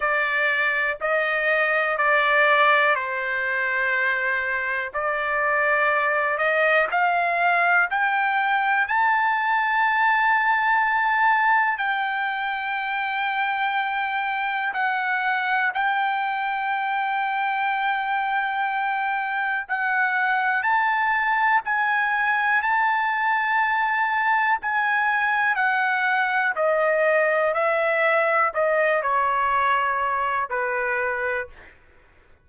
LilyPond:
\new Staff \with { instrumentName = "trumpet" } { \time 4/4 \tempo 4 = 61 d''4 dis''4 d''4 c''4~ | c''4 d''4. dis''8 f''4 | g''4 a''2. | g''2. fis''4 |
g''1 | fis''4 a''4 gis''4 a''4~ | a''4 gis''4 fis''4 dis''4 | e''4 dis''8 cis''4. b'4 | }